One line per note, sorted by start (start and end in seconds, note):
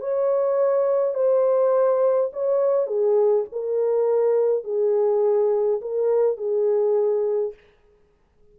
0.00 1.14 C#5
1.14 2.31 C5
2.33 2.87 C#5
2.87 3.45 G#4
3.52 4.64 A#4
4.64 5.81 G#4
5.81 6.37 A#4
6.37 7.54 G#4